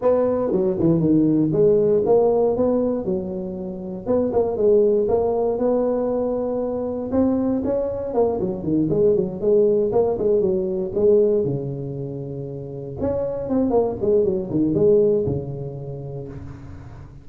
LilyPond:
\new Staff \with { instrumentName = "tuba" } { \time 4/4 \tempo 4 = 118 b4 fis8 e8 dis4 gis4 | ais4 b4 fis2 | b8 ais8 gis4 ais4 b4~ | b2 c'4 cis'4 |
ais8 fis8 dis8 gis8 fis8 gis4 ais8 | gis8 fis4 gis4 cis4.~ | cis4. cis'4 c'8 ais8 gis8 | fis8 dis8 gis4 cis2 | }